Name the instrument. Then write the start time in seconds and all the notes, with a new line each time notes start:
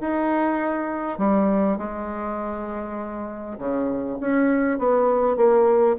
bassoon
0.00 D#4
1.18 G3
1.77 G#3
3.58 C#3
4.20 C#4
4.78 B3
5.36 A#3